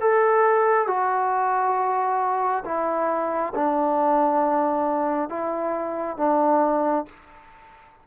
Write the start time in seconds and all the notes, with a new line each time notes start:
0.00 A4
0.87 F#4
2.64 E4
3.54 D4
5.29 E4
6.17 D4